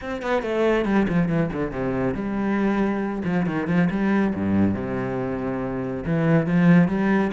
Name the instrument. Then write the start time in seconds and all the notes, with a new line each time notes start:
cello
0.01 C4
0.21 B3
0.42 A3
0.85 G3
1.08 F3
1.28 E3
1.52 D3
1.71 C3
2.14 G3
3.24 F3
3.46 D#3
3.67 F3
3.90 G3
4.35 G2
4.74 C3
6.05 E3
6.46 F3
6.88 G3